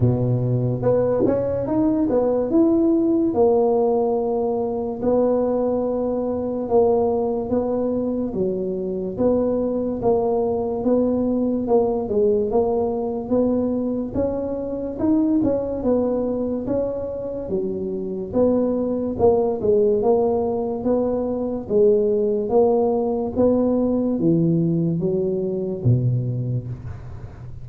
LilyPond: \new Staff \with { instrumentName = "tuba" } { \time 4/4 \tempo 4 = 72 b,4 b8 cis'8 dis'8 b8 e'4 | ais2 b2 | ais4 b4 fis4 b4 | ais4 b4 ais8 gis8 ais4 |
b4 cis'4 dis'8 cis'8 b4 | cis'4 fis4 b4 ais8 gis8 | ais4 b4 gis4 ais4 | b4 e4 fis4 b,4 | }